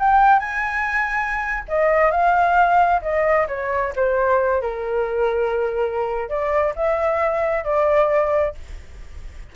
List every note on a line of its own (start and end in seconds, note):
0.00 0.40 G5
0.40 1.64 G#5
1.69 2.11 D#5
2.11 3.02 F5
3.02 3.48 D#5
3.48 3.94 C#5
3.96 4.62 C5
4.62 6.29 A#4
6.29 6.74 D5
6.76 7.65 E5
7.65 8.55 D5